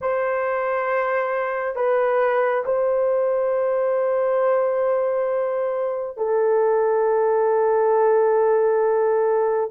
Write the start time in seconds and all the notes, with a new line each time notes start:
0.01 C5
1.75 B4
2.65 C5
6.17 A4